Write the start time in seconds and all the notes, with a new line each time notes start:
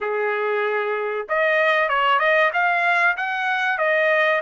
0.01 G#4
1.28 D#5
1.89 C#5
2.19 D#5
2.53 F5
3.16 F#5
3.78 D#5